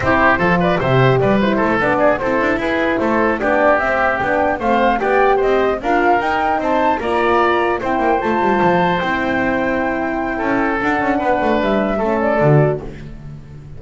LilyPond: <<
  \new Staff \with { instrumentName = "flute" } { \time 4/4 \tempo 4 = 150 c''4. d''8 e''4 d''8 c''8~ | c''8 d''4 c''4 b'4 c''8~ | c''8 d''4 e''4 g''4 f''8~ | f''8 g''4 dis''4 f''4 g''8~ |
g''8 a''4 ais''2 g''8~ | g''8 a''2 g''4.~ | g''2. fis''4~ | fis''4 e''4. d''4. | }
  \new Staff \with { instrumentName = "oboe" } { \time 4/4 g'4 a'8 b'8 c''4 b'4 | a'4 gis'8 a'4 gis'4 a'8~ | a'8 g'2. c''8~ | c''8 d''4 c''4 ais'4.~ |
ais'8 c''4 d''2 c''8~ | c''1~ | c''2 a'2 | b'2 a'2 | }
  \new Staff \with { instrumentName = "horn" } { \time 4/4 e'4 f'4 g'4. e'8~ | e'8 d'4 e'2~ e'8~ | e'8 d'4 c'4 d'4 c'8~ | c'8 g'2 f'4 dis'8~ |
dis'4. f'2 e'8~ | e'8 f'2 e'4.~ | e'2. d'4~ | d'2 cis'4 fis'4 | }
  \new Staff \with { instrumentName = "double bass" } { \time 4/4 c'4 f4 c4 g4 | a8 b4 c'8 d'8 e'4 a8~ | a8 b4 c'4 b4 a8~ | a8 b4 c'4 d'4 dis'8~ |
dis'8 c'4 ais2 c'8 | ais8 a8 g8 f4 c'4.~ | c'2 cis'4 d'8 cis'8 | b8 a8 g4 a4 d4 | }
>>